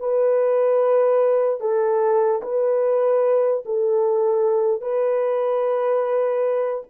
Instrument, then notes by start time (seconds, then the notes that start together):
horn
0.00 B4
1.60 A4
2.43 B4
3.66 A4
4.81 B4